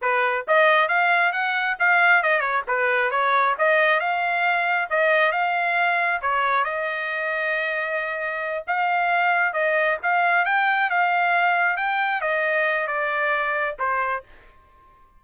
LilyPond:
\new Staff \with { instrumentName = "trumpet" } { \time 4/4 \tempo 4 = 135 b'4 dis''4 f''4 fis''4 | f''4 dis''8 cis''8 b'4 cis''4 | dis''4 f''2 dis''4 | f''2 cis''4 dis''4~ |
dis''2.~ dis''8 f''8~ | f''4. dis''4 f''4 g''8~ | g''8 f''2 g''4 dis''8~ | dis''4 d''2 c''4 | }